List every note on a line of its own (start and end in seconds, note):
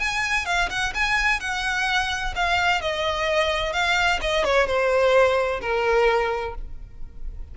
0.00 0.46 G#5
0.46 0.70 F5
0.70 0.94 F#5
0.95 1.41 G#5
1.41 2.34 F#5
2.36 2.82 F5
2.82 3.73 D#5
3.73 4.20 F5
4.22 4.45 D#5
4.45 4.67 C#5
4.67 5.61 C5
5.62 6.55 A#4